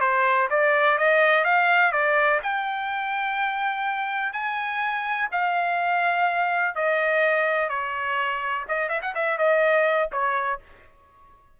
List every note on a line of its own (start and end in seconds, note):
0.00 0.48 C5
0.50 0.98 D5
0.98 1.44 D#5
1.44 1.91 F5
1.91 2.39 D5
2.42 4.33 G5
4.33 5.29 G#5
5.31 6.75 F5
6.75 7.69 D#5
7.69 8.65 C#5
8.68 8.89 D#5
8.89 9.01 E5
9.02 9.14 F#5
9.14 9.38 E5
9.38 10.10 D#5
10.12 10.60 C#5